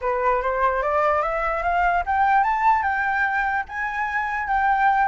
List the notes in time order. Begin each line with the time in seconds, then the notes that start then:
0.01 B4
0.42 C5
0.82 D5
1.22 E5
1.62 F5
2.06 G5
2.43 A5
2.82 G5
3.68 G#5
4.47 G5